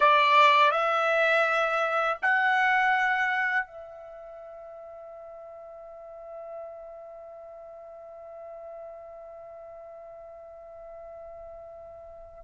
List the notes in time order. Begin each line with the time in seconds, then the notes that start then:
0.00 D5
0.71 E5
2.22 F#5
3.66 E5